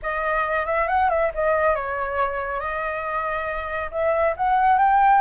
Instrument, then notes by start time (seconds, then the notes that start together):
flute
0.02 D#5
0.66 E5
0.88 F#5
1.09 E5
1.34 D#5
1.75 C#5
2.60 D#5
3.91 E5
4.36 F#5
4.78 G5